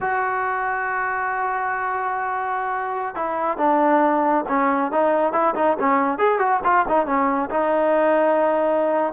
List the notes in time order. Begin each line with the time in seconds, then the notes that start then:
0.01 F#4
3.15 E4
3.57 D4
4.48 C#4
4.91 D#4
5.32 E4
5.55 D#4
5.79 C#4
6.18 G#4
6.38 F#4
6.63 F4
6.88 D#4
7.06 C#4
7.50 D#4